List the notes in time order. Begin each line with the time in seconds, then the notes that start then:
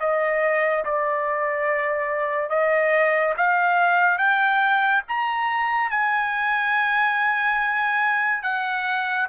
0.00 D#5
0.85 D5
2.49 D#5
3.37 F5
4.18 G5
5.08 A#5
5.90 G#5
8.43 F#5